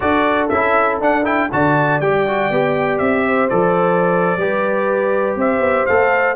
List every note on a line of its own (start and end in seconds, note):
0.00 0.51 D4
0.00 0.49 F#4
0.00 1.50 A4
0.00 0.48 D5
0.48 1.00 C#4
0.48 1.01 E4
0.48 0.98 E5
1.00 1.50 D4
1.00 1.24 D4
1.00 1.25 F#5
1.24 1.49 E4
1.24 1.50 G5
1.52 2.00 D3
1.52 2.02 F#4
1.52 3.26 D5
1.52 2.00 A5
2.00 2.50 G3
2.00 2.27 G4
2.00 2.98 G5
2.27 2.52 F#4
2.50 2.99 B3
2.50 3.50 G4
2.98 3.49 C4
2.98 3.48 E5
3.26 4.38 C5
3.49 4.37 F3
3.49 4.37 A4
3.49 5.36 D5
4.37 5.36 G3
4.37 5.88 G4
4.37 5.37 B4
5.36 5.59 C4
5.36 6.35 C5
5.36 5.86 E5
5.59 5.84 B3
5.86 6.35 A3
5.86 6.35 A4
5.86 6.35 F5